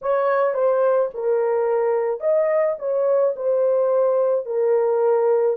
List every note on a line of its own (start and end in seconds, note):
0.02 0.54 C#5
0.54 1.09 C5
1.14 2.20 A#4
2.20 2.75 D#5
2.78 3.34 C#5
3.35 4.45 C5
4.45 5.56 A#4